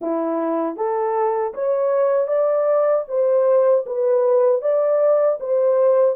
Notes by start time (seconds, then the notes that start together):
0.01 E4
0.76 A4
1.54 C#5
2.27 D5
3.08 C5
3.86 B4
4.61 D5
5.40 C5